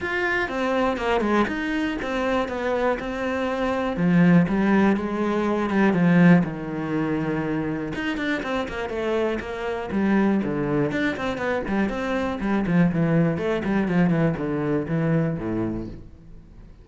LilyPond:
\new Staff \with { instrumentName = "cello" } { \time 4/4 \tempo 4 = 121 f'4 c'4 ais8 gis8 dis'4 | c'4 b4 c'2 | f4 g4 gis4. g8 | f4 dis2. |
dis'8 d'8 c'8 ais8 a4 ais4 | g4 d4 d'8 c'8 b8 g8 | c'4 g8 f8 e4 a8 g8 | f8 e8 d4 e4 a,4 | }